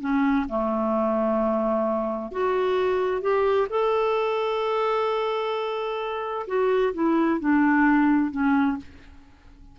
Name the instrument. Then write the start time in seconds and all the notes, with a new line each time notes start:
clarinet
0.00 C#4
0.48 A3
2.31 F#4
3.21 G4
3.69 A4
6.47 F#4
6.94 E4
7.40 D4
8.31 C#4